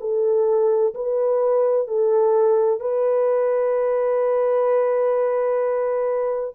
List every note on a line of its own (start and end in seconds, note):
0.00 0.94 A4
0.94 1.87 B4
1.87 2.80 A4
2.80 6.55 B4